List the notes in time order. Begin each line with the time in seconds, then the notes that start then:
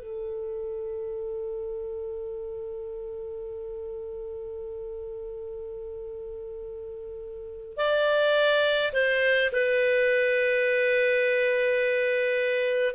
0.00 A4
7.77 D5
8.93 C5
9.52 B4